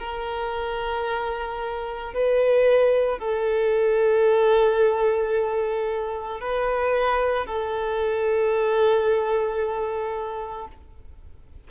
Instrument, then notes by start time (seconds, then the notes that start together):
violin
0.00 A#4
2.14 B4
3.19 A4
6.41 B4
7.47 A4